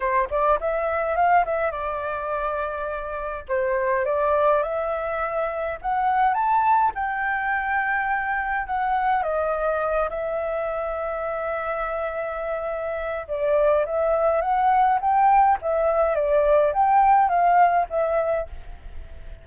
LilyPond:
\new Staff \with { instrumentName = "flute" } { \time 4/4 \tempo 4 = 104 c''8 d''8 e''4 f''8 e''8 d''4~ | d''2 c''4 d''4 | e''2 fis''4 a''4 | g''2. fis''4 |
dis''4. e''2~ e''8~ | e''2. d''4 | e''4 fis''4 g''4 e''4 | d''4 g''4 f''4 e''4 | }